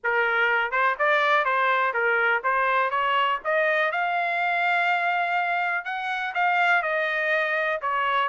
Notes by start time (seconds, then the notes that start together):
0.03 A#4
0.71 C5
0.98 D5
1.44 C5
1.93 A#4
2.43 C5
2.90 C#5
3.44 D#5
3.91 F5
5.84 F#5
6.34 F5
6.82 D#5
7.81 C#5